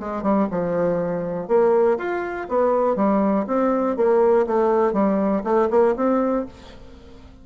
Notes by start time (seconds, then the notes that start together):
0.00 G#3
0.23 G3
0.51 F3
1.48 A#3
1.98 F4
2.49 B3
2.96 G3
3.47 C4
3.97 A#3
4.47 A3
4.93 G3
5.44 A3
5.70 A#3
5.96 C4